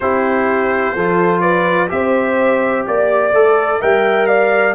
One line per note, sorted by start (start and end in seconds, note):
0.00 0.95 C4
0.00 0.97 E4
0.00 0.95 G4
0.00 1.40 C5
0.95 1.90 F3
0.95 1.88 F4
0.95 1.41 A4
1.40 1.88 B4
1.40 1.88 D5
1.88 2.86 C4
1.88 3.31 G4
1.88 2.87 C5
1.88 2.85 E5
2.87 3.32 A#3
2.87 3.81 D5
3.32 3.80 A3
3.32 3.81 A4
3.81 4.74 G3
3.81 4.74 A#4
3.81 4.28 E5
3.81 4.26 G5
4.26 4.74 D5
4.26 4.74 F5